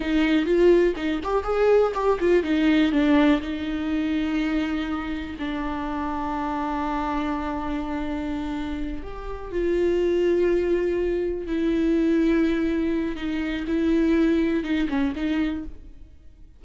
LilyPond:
\new Staff \with { instrumentName = "viola" } { \time 4/4 \tempo 4 = 123 dis'4 f'4 dis'8 g'8 gis'4 | g'8 f'8 dis'4 d'4 dis'4~ | dis'2. d'4~ | d'1~ |
d'2~ d'8 g'4 f'8~ | f'2.~ f'8 e'8~ | e'2. dis'4 | e'2 dis'8 cis'8 dis'4 | }